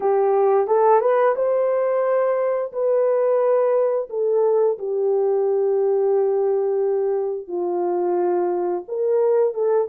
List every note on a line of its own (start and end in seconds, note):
0.00 0.67 G4
0.67 1.00 A4
1.00 1.35 B4
1.35 2.71 C5
2.72 4.08 B4
4.09 4.78 A4
4.78 7.47 G4
7.47 8.84 F4
8.88 9.53 A#4
9.53 9.87 A4